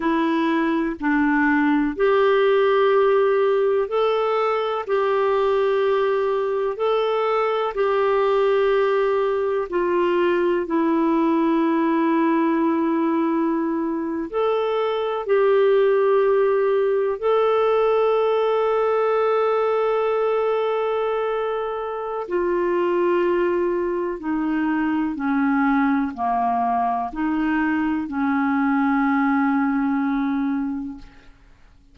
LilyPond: \new Staff \with { instrumentName = "clarinet" } { \time 4/4 \tempo 4 = 62 e'4 d'4 g'2 | a'4 g'2 a'4 | g'2 f'4 e'4~ | e'2~ e'8. a'4 g'16~ |
g'4.~ g'16 a'2~ a'16~ | a'2. f'4~ | f'4 dis'4 cis'4 ais4 | dis'4 cis'2. | }